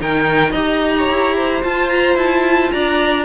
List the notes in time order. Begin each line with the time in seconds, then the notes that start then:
0.00 D#3 D#4 A#4 G5
0.51 D#4 G4 D#5 A#5
0.97 C#5
1.09 E4
1.36 C5
1.63 F4 A5
1.89 A#5
2.15 E4 A5
2.72 D4 D5 A#5